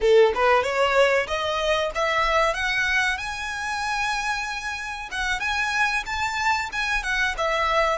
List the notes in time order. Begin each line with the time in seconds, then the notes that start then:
0.00 A4
0.35 B4
0.63 C#5
1.27 D#5
1.94 E5
2.54 F#5
3.17 G#5
5.11 F#5
5.39 G#5
6.06 A5
6.72 G#5
7.03 F#5
7.37 E5